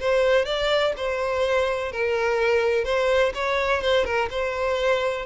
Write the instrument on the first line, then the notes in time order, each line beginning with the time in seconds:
violin
0.00 C5
0.45 D5
0.97 C5
1.92 A#4
2.84 C5
3.34 C#5
3.82 C5
4.05 A#4
4.30 C5